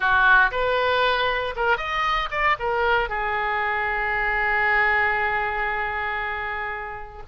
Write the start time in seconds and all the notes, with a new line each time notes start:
0.00 F#4
0.51 B4
1.56 A#4
1.77 D#5
2.30 D5
2.59 A#4
3.09 G#4